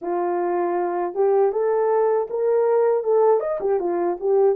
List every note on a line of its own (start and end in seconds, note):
0.01 1.14 F4
1.14 1.52 G4
1.52 2.28 A4
2.30 3.03 A#4
3.03 3.40 A4
3.40 3.59 D#5
3.60 3.79 G4
3.79 4.17 F4
4.20 4.55 G4